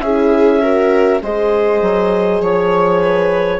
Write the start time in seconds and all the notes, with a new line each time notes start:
0.00 C#4 E4 G#4 E5
0.61 F#4 A#4
1.22 G#3 G#4 C5 D#5
1.82 F#3
2.41 F3 C#5
3.00 B4